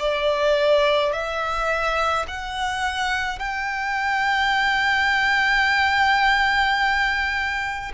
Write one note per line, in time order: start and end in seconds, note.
0.00 1.13 D5
1.13 2.26 E5
2.28 3.40 F#5
3.40 7.92 G5